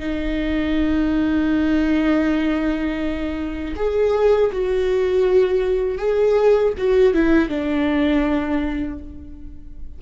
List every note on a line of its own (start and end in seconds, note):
0.00 3.75 D#4
3.76 4.51 G#4
4.52 5.98 F#4
5.98 6.73 G#4
6.78 7.14 F#4
7.14 7.49 E4
7.49 8.99 D4